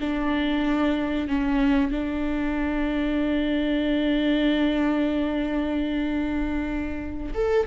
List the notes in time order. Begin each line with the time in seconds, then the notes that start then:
0.00 D4
1.28 C#4
1.91 D4
7.34 A4